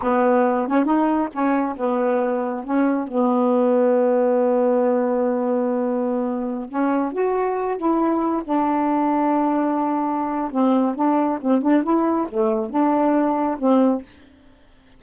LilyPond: \new Staff \with { instrumentName = "saxophone" } { \time 4/4 \tempo 4 = 137 b4. cis'8 dis'4 cis'4 | b2 cis'4 b4~ | b1~ | b2.~ b16 cis'8.~ |
cis'16 fis'4. e'4. d'8.~ | d'1 | c'4 d'4 c'8 d'8 e'4 | a4 d'2 c'4 | }